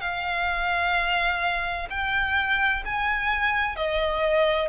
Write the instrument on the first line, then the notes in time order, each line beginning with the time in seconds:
violin
0.00 F5
1.90 G5
2.85 G#5
3.76 D#5